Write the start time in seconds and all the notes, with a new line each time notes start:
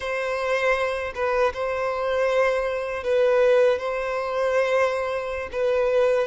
0.00 C5
1.15 B4
1.53 C5
3.03 B4
3.78 C5
5.52 B4